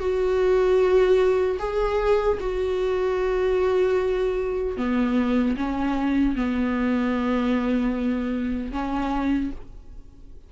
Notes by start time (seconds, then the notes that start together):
0.00 F#4
1.60 G#4
2.41 F#4
4.78 B3
5.57 C#4
6.36 B3
8.72 C#4